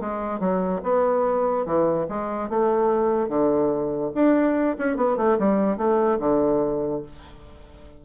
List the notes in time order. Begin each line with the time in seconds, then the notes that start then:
0.00 G#3
0.40 F#3
0.83 B3
1.66 E3
2.09 G#3
2.49 A3
3.29 D3
4.14 D4
4.78 C#4
4.96 B3
5.17 A3
5.39 G3
5.77 A3
6.20 D3